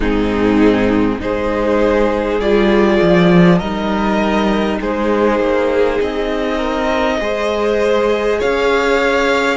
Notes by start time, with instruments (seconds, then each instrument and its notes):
0.00 cello G#2, viola C4, violin D#4 G#4
1.19 cello G#3, viola D#4, violin G#4 C5
2.40 cello G3, viola F4, violin D5
3.02 cello F3
3.58 cello G3, viola D#4, violin A#4 D#5
4.80 cello G#3, violin G#4 C5
5.39 cello A#3
6.00 cello C4, violin D#5
6.57 violin A#4
7.20 cello G#3, viola G#4, violin C5
8.39 cello C#4, violin C#5 F5